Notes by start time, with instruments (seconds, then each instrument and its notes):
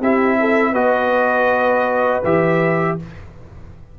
0.00 tuba C4, trombone E4, horn G4, trumpet E5
0.40 horn A4
0.71 tuba B3, trombone F#4, horn B4, trumpet D#5
2.24 tuba E3, trombone G4, trumpet E5